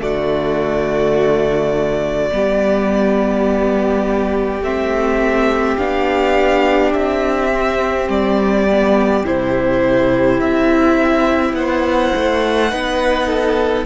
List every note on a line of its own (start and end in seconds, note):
0.00 2.31 D3
0.00 2.31 A3
0.00 2.32 F#4
0.00 4.63 D5
2.31 4.62 G3
2.31 4.62 B3
2.31 11.57 G4
4.62 5.77 A3
4.62 5.79 C4
4.62 5.77 E5
5.77 6.94 B3
5.77 7.52 D4
5.77 6.93 F5
6.93 8.08 C4
6.93 8.08 E5
7.52 8.68 C4
8.08 9.24 G3
8.08 9.25 D5
8.70 9.25 B3
9.25 10.41 C3
9.25 12.69 E4
9.25 10.40 C5
10.40 11.53 C4
10.40 11.55 E5
11.53 12.11 B3
11.53 12.72 C5
11.53 13.86 F#5
12.16 12.73 A3
12.69 13.86 B3
12.69 13.85 D#4
12.69 13.27 B4
13.27 13.85 A4